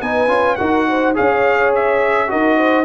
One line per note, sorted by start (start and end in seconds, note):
0.00 0.28 B3
0.00 0.28 D#4
0.00 0.58 B4
0.00 0.56 G#5
0.28 0.57 C#4
0.28 0.57 F4
0.56 1.17 D#4
0.56 1.14 F#4
0.56 0.87 A#4
0.56 1.13 F#5
0.88 1.16 C5
1.14 2.32 C#4
1.14 2.27 G#4
1.14 2.30 C#5
1.14 1.73 F5
1.75 2.31 E5
2.27 2.85 D#4
2.27 2.84 F#4
2.27 2.57 A#4
2.27 2.85 D#5
2.57 2.85 C5